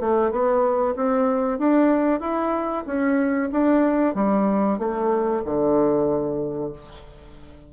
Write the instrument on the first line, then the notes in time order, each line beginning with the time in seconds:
bassoon
0.00 A3
0.31 B3
0.95 C4
1.58 D4
2.20 E4
2.86 C#4
3.52 D4
4.15 G3
4.79 A3
5.45 D3